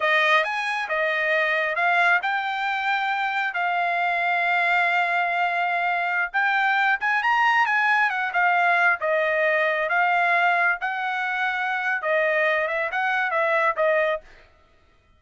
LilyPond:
\new Staff \with { instrumentName = "trumpet" } { \time 4/4 \tempo 4 = 135 dis''4 gis''4 dis''2 | f''4 g''2. | f''1~ | f''2~ f''16 g''4. gis''16~ |
gis''16 ais''4 gis''4 fis''8 f''4~ f''16~ | f''16 dis''2 f''4.~ f''16~ | f''16 fis''2~ fis''8. dis''4~ | dis''8 e''8 fis''4 e''4 dis''4 | }